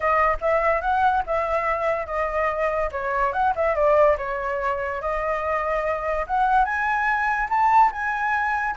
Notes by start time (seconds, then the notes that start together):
0.00 D#5
0.41 E5
0.81 F#5
1.26 E5
2.06 D#5
2.91 C#5
3.32 F#5
3.55 E5
3.75 D5
4.17 C#5
5.01 D#5
6.27 F#5
6.65 G#5
7.49 A5
7.92 G#5